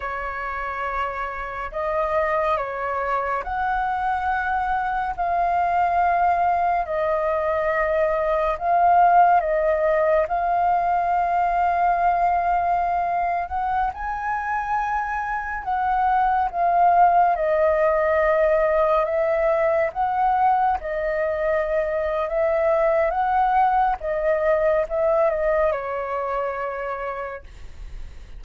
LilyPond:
\new Staff \with { instrumentName = "flute" } { \time 4/4 \tempo 4 = 70 cis''2 dis''4 cis''4 | fis''2 f''2 | dis''2 f''4 dis''4 | f''2.~ f''8. fis''16~ |
fis''16 gis''2 fis''4 f''8.~ | f''16 dis''2 e''4 fis''8.~ | fis''16 dis''4.~ dis''16 e''4 fis''4 | dis''4 e''8 dis''8 cis''2 | }